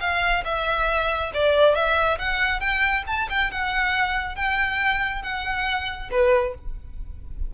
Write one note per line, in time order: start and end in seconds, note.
0.00 0.43 F5
0.44 1.31 E5
1.33 1.75 D5
1.75 2.18 E5
2.18 2.60 F#5
2.60 3.03 G5
3.07 3.28 A5
3.29 3.51 G5
3.51 4.35 F#5
4.35 5.22 G5
5.22 6.09 F#5
6.10 6.54 B4